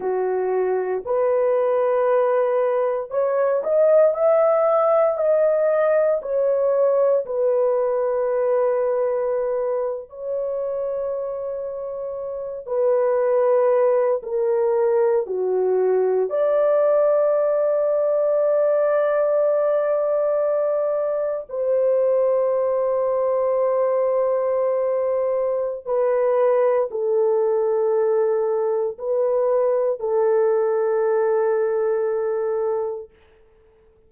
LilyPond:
\new Staff \with { instrumentName = "horn" } { \time 4/4 \tempo 4 = 58 fis'4 b'2 cis''8 dis''8 | e''4 dis''4 cis''4 b'4~ | b'4.~ b'16 cis''2~ cis''16~ | cis''16 b'4. ais'4 fis'4 d''16~ |
d''1~ | d''8. c''2.~ c''16~ | c''4 b'4 a'2 | b'4 a'2. | }